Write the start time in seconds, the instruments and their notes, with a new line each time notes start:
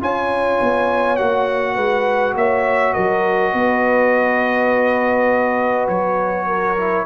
0.00 tuba C#4, trombone F4, horn C#5, trumpet G#5
0.61 tuba B3
1.16 tuba A#3, trombone F#4, trumpet F#5
1.75 tuba G#3, horn B4
2.35 tuba A#3, horn C#5, trumpet E5
2.93 tuba F#3, horn A#4, trumpet D#5
3.52 tuba B3, horn B4
5.88 tuba F#3, trumpet C#5
6.46 horn A#4
6.77 trombone E4